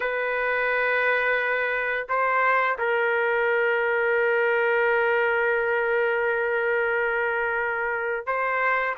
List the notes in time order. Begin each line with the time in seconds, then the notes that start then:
0.00 B4
2.08 C5
2.78 A#4
8.26 C5